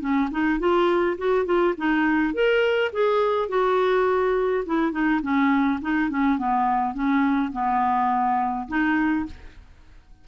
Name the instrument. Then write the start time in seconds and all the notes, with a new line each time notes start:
clarinet
0.00 C#4
0.31 D#4
0.59 F4
1.18 F#4
1.45 F4
1.77 D#4
2.34 A#4
2.92 G#4
3.49 F#4
4.65 E4
4.92 D#4
5.22 C#4
5.81 D#4
6.10 C#4
6.38 B3
6.94 C#4
7.52 B3
8.68 D#4